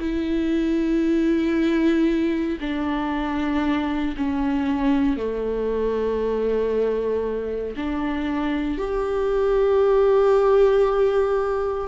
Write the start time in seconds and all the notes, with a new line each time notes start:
0.00 E4
2.61 D4
4.17 C#4
5.17 A3
7.77 D4
8.78 G4